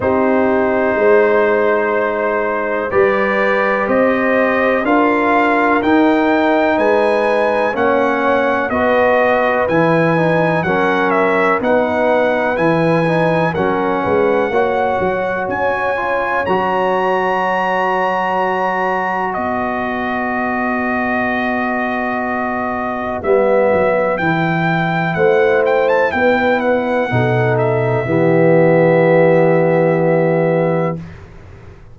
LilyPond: <<
  \new Staff \with { instrumentName = "trumpet" } { \time 4/4 \tempo 4 = 62 c''2. d''4 | dis''4 f''4 g''4 gis''4 | fis''4 dis''4 gis''4 fis''8 e''8 | fis''4 gis''4 fis''2 |
gis''4 ais''2. | dis''1 | e''4 g''4 fis''8 g''16 a''16 g''8 fis''8~ | fis''8 e''2.~ e''8 | }
  \new Staff \with { instrumentName = "horn" } { \time 4/4 g'4 c''2 b'4 | c''4 ais'2 b'4 | cis''4 b'2 ais'4 | b'2 ais'8 b'8 cis''4~ |
cis''1 | b'1~ | b'2 c''4 b'4 | a'4 g'2. | }
  \new Staff \with { instrumentName = "trombone" } { \time 4/4 dis'2. g'4~ | g'4 f'4 dis'2 | cis'4 fis'4 e'8 dis'8 cis'4 | dis'4 e'8 dis'8 cis'4 fis'4~ |
fis'8 f'8 fis'2.~ | fis'1 | b4 e'2. | dis'4 b2. | }
  \new Staff \with { instrumentName = "tuba" } { \time 4/4 c'4 gis2 g4 | c'4 d'4 dis'4 gis4 | ais4 b4 e4 fis4 | b4 e4 fis8 gis8 ais8 fis8 |
cis'4 fis2. | b1 | g8 fis8 e4 a4 b4 | b,4 e2. | }
>>